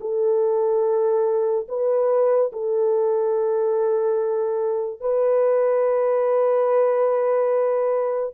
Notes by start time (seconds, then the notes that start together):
0.00 A4
1.68 B4
2.52 A4
5.00 B4